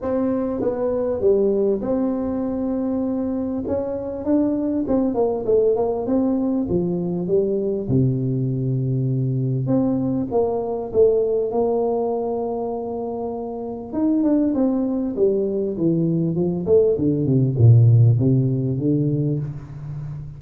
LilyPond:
\new Staff \with { instrumentName = "tuba" } { \time 4/4 \tempo 4 = 99 c'4 b4 g4 c'4~ | c'2 cis'4 d'4 | c'8 ais8 a8 ais8 c'4 f4 | g4 c2. |
c'4 ais4 a4 ais4~ | ais2. dis'8 d'8 | c'4 g4 e4 f8 a8 | d8 c8 ais,4 c4 d4 | }